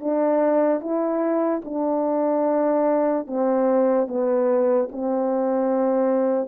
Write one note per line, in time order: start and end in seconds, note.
0.00 0.80 D4
0.80 1.61 E4
1.64 3.27 D4
3.27 4.07 C4
4.07 4.88 B3
4.92 6.48 C4